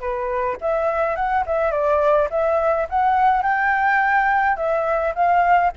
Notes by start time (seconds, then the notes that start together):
0.00 B4
0.61 E5
1.16 F#5
1.46 E5
1.71 D5
2.30 E5
2.90 F#5
3.43 G5
4.57 E5
5.15 F5